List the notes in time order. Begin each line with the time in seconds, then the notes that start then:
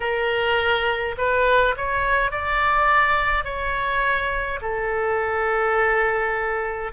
0.00 A#4
1.17 B4
1.76 C#5
2.31 D5
3.44 C#5
4.61 A4